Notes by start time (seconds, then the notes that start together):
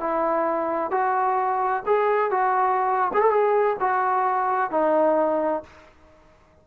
0.00 E4
0.91 F#4
1.86 G#4
2.31 F#4
3.14 G#4
3.21 A4
3.30 G#4
3.80 F#4
4.71 D#4